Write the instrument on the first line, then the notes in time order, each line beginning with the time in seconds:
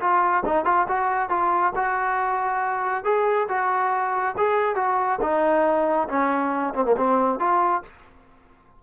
trombone
0.00 F4
0.45 D#4
0.65 F4
0.88 F#4
1.29 F4
1.75 F#4
3.04 G#4
3.48 F#4
4.37 G#4
4.75 F#4
5.21 D#4
6.08 C#4
6.74 C4
6.85 A#3
6.97 C4
7.39 F4